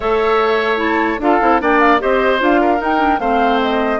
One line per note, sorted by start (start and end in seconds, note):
0.00 1.18 A3
0.00 0.76 A4
0.00 1.20 C#5
0.00 0.80 E5
0.76 1.16 E4
0.76 1.20 A5
1.18 1.38 D4
1.18 1.40 F4
1.18 1.61 A4
1.18 1.62 F5
1.40 1.61 C4
1.40 1.60 E4
1.60 2.01 A#3
1.60 1.99 D4
1.60 2.01 D5
1.60 1.80 G5
1.80 2.00 F5
1.99 2.41 C4
1.99 2.39 G4
1.99 2.61 C5
1.99 2.41 D#5
2.39 2.80 D4
2.39 2.77 F4
2.39 2.83 F5
2.61 3.20 A#4
2.77 2.97 D#4
2.77 3.19 D#4
2.77 3.19 G5
2.97 3.17 D4
3.19 3.99 A3
3.19 4.00 C4
3.19 4.00 C5
3.19 3.59 F5
3.62 4.00 D#5